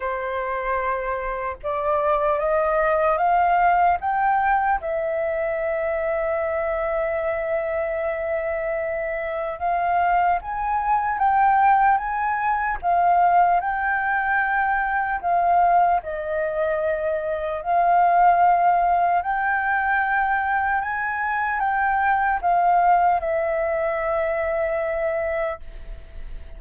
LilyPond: \new Staff \with { instrumentName = "flute" } { \time 4/4 \tempo 4 = 75 c''2 d''4 dis''4 | f''4 g''4 e''2~ | e''1 | f''4 gis''4 g''4 gis''4 |
f''4 g''2 f''4 | dis''2 f''2 | g''2 gis''4 g''4 | f''4 e''2. | }